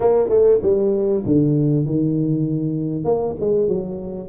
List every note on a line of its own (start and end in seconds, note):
0.00 0.29 A#3
0.29 0.59 A3
0.62 1.23 G3
1.25 1.85 D3
1.85 3.04 D#3
3.04 3.35 A#3
3.40 3.68 G#3
3.68 4.28 F#3